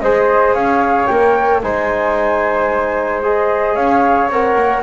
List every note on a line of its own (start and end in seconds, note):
0.00 0.54 G#3
0.00 1.10 G#4
0.00 0.54 C5
0.00 0.54 D#5
0.54 1.08 C#4
0.54 1.61 C#5
0.54 1.07 F5
1.07 1.63 A#3
1.07 1.62 A#4
1.07 1.60 G5
1.62 3.76 G#3
1.62 3.22 D#4
1.62 3.74 C5
1.62 3.23 G#5
3.22 4.30 G#4
3.22 3.75 D#5
3.74 4.28 C#4
3.74 4.82 C#5
3.74 4.29 F5
4.28 4.55 C4
4.28 4.83 A#4
4.28 4.83 F#5
4.56 4.82 A#3